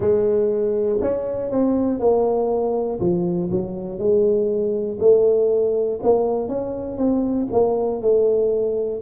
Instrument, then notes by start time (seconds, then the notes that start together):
tuba
0.00 G#3
1.00 C#4
1.50 C4
1.99 A#3
3.00 F3
3.51 F#3
3.98 G#3
4.99 A3
6.03 A#3
6.48 C#4
6.97 C4
7.51 A#3
8.01 A3